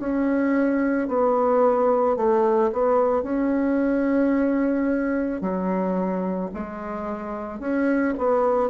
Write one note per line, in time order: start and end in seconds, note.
0.00 1.09 C#4
1.09 2.17 B3
2.17 2.71 A3
2.73 3.23 B3
3.23 5.41 C#4
5.41 6.51 F#3
6.54 7.60 G#3
7.60 8.14 C#4
8.18 8.70 B3